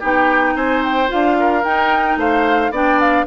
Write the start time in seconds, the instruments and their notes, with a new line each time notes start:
0.00 bassoon B3, clarinet D#4, oboe G4, flute G5
0.55 bassoon C4, oboe C5, flute G#5
0.84 flute G5
1.08 bassoon D4, clarinet F4, flute F5
1.40 oboe A#4
1.64 bassoon D#4, clarinet D#4, flute G5
2.17 bassoon A3, oboe C5, flute F5
2.71 bassoon B3, clarinet D4, oboe D5, flute G5
3.00 flute F5